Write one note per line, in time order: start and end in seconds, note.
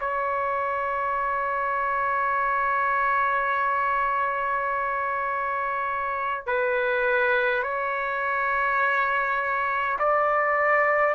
0.00 6.47 C#5
6.47 7.63 B4
7.63 9.98 C#5
9.99 11.14 D5